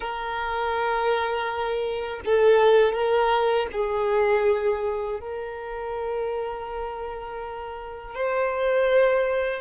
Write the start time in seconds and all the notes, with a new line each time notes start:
0.00 A#4
2.25 A4
2.93 A#4
3.71 G#4
5.20 A#4
8.14 C5